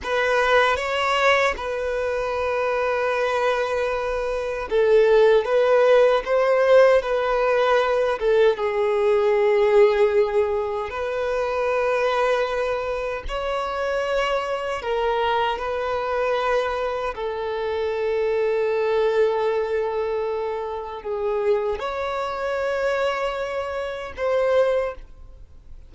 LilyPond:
\new Staff \with { instrumentName = "violin" } { \time 4/4 \tempo 4 = 77 b'4 cis''4 b'2~ | b'2 a'4 b'4 | c''4 b'4. a'8 gis'4~ | gis'2 b'2~ |
b'4 cis''2 ais'4 | b'2 a'2~ | a'2. gis'4 | cis''2. c''4 | }